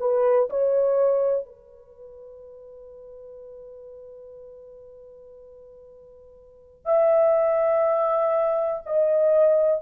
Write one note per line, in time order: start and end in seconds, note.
0.00 0.49 B4
0.50 1.46 C#5
1.46 6.86 B4
6.86 8.83 E5
8.86 9.82 D#5